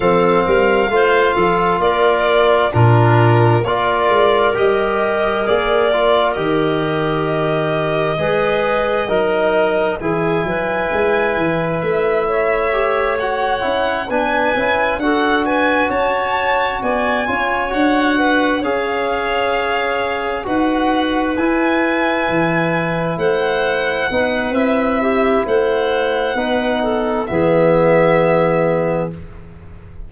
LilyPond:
<<
  \new Staff \with { instrumentName = "violin" } { \time 4/4 \tempo 4 = 66 f''2 d''4 ais'4 | d''4 dis''4 d''4 dis''4~ | dis''2. gis''4~ | gis''4 e''4. fis''4 gis''8~ |
gis''8 fis''8 gis''8 a''4 gis''4 fis''8~ | fis''8 f''2 fis''4 gis''8~ | gis''4. fis''4. e''4 | fis''2 e''2 | }
  \new Staff \with { instrumentName = "clarinet" } { \time 4/4 a'8 ais'8 c''8 a'8 ais'4 f'4 | ais'1~ | ais'4 b'4 ais'4 gis'8 b'8~ | b'4. cis''2 b'8~ |
b'8 a'8 b'8 cis''4 d''8 cis''4 | b'8 cis''2 b'4.~ | b'4. c''4 b'4 g'8 | c''4 b'8 a'8 gis'2 | }
  \new Staff \with { instrumentName = "trombone" } { \time 4/4 c'4 f'2 d'4 | f'4 g'4 gis'8 f'8 g'4~ | g'4 gis'4 dis'4 e'4~ | e'2 g'8 fis'8 e'8 d'8 |
e'8 fis'2~ fis'8 f'8 fis'8~ | fis'8 gis'2 fis'4 e'8~ | e'2~ e'8 dis'8 e'4~ | e'4 dis'4 b2 | }
  \new Staff \with { instrumentName = "tuba" } { \time 4/4 f8 g8 a8 f8 ais4 ais,4 | ais8 gis8 g4 ais4 dis4~ | dis4 gis4 fis4 e8 fis8 | gis8 e8 a2 cis'8 b8 |
cis'8 d'4 cis'4 b8 cis'8 d'8~ | d'8 cis'2 dis'4 e'8~ | e'8 e4 a4 b8 c'4 | a4 b4 e2 | }
>>